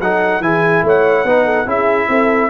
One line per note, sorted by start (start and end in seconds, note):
0.00 0.40 F#3
0.00 0.42 D#4
0.00 0.43 A4
0.00 0.42 F#5
0.40 0.82 E3
0.40 1.26 E4
0.40 0.85 G#4
0.40 0.84 G#5
0.83 1.25 A3
0.83 1.26 C#5
0.83 1.69 F#5
1.25 1.66 B3
1.25 1.66 D#4
1.25 1.45 B4
1.45 1.66 A4
1.66 2.08 C#4
1.66 2.50 E4
1.66 2.08 G#4
1.66 2.50 E5
2.09 2.50 C4
2.09 2.50 A4